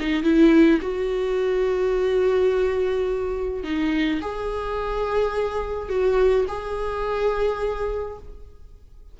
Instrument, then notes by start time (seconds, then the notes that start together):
viola
0.00 D#4
0.24 E4
0.81 F#4
3.64 D#4
4.21 G#4
5.89 F#4
6.48 G#4